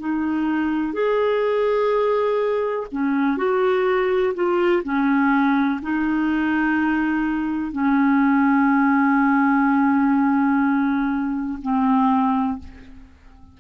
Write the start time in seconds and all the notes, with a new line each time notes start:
0.00 D#4
0.94 G#4
2.92 C#4
3.37 F#4
4.35 F4
4.84 C#4
5.82 D#4
7.72 C#4
11.63 C4